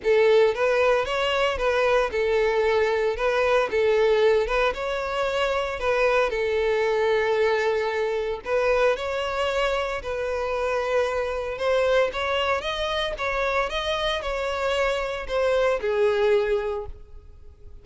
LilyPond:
\new Staff \with { instrumentName = "violin" } { \time 4/4 \tempo 4 = 114 a'4 b'4 cis''4 b'4 | a'2 b'4 a'4~ | a'8 b'8 cis''2 b'4 | a'1 |
b'4 cis''2 b'4~ | b'2 c''4 cis''4 | dis''4 cis''4 dis''4 cis''4~ | cis''4 c''4 gis'2 | }